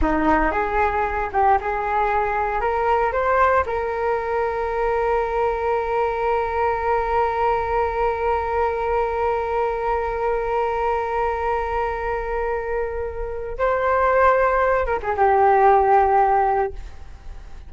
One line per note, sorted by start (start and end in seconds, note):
0.01 0.51 D#4
0.51 1.29 G#4
1.32 1.58 G4
1.60 2.61 G#4
2.61 3.12 A#4
3.12 3.64 C5
3.66 13.57 A#4
13.58 14.86 C5
14.86 14.99 A#4
15.02 15.15 G#4
15.16 16.73 G4